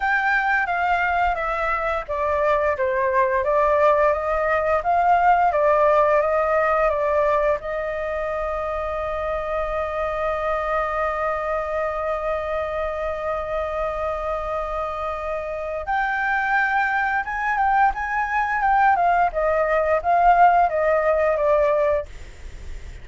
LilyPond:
\new Staff \with { instrumentName = "flute" } { \time 4/4 \tempo 4 = 87 g''4 f''4 e''4 d''4 | c''4 d''4 dis''4 f''4 | d''4 dis''4 d''4 dis''4~ | dis''1~ |
dis''1~ | dis''2. g''4~ | g''4 gis''8 g''8 gis''4 g''8 f''8 | dis''4 f''4 dis''4 d''4 | }